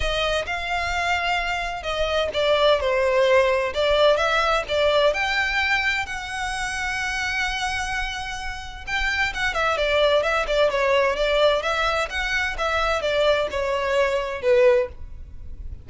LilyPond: \new Staff \with { instrumentName = "violin" } { \time 4/4 \tempo 4 = 129 dis''4 f''2. | dis''4 d''4 c''2 | d''4 e''4 d''4 g''4~ | g''4 fis''2.~ |
fis''2. g''4 | fis''8 e''8 d''4 e''8 d''8 cis''4 | d''4 e''4 fis''4 e''4 | d''4 cis''2 b'4 | }